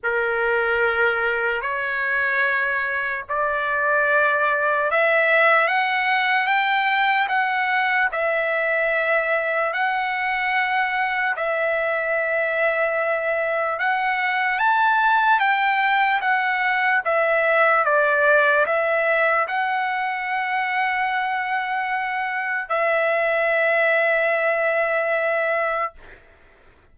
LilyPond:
\new Staff \with { instrumentName = "trumpet" } { \time 4/4 \tempo 4 = 74 ais'2 cis''2 | d''2 e''4 fis''4 | g''4 fis''4 e''2 | fis''2 e''2~ |
e''4 fis''4 a''4 g''4 | fis''4 e''4 d''4 e''4 | fis''1 | e''1 | }